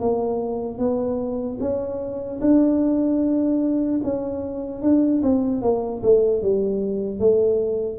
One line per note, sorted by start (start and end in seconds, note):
0.00 0.78 A#3
0.78 1.58 B3
1.60 2.40 C#4
2.41 4.01 D4
4.04 4.82 C#4
4.82 5.22 D4
5.23 5.62 C4
5.62 6.02 A#3
6.03 6.42 A3
6.42 7.20 G3
7.20 7.99 A3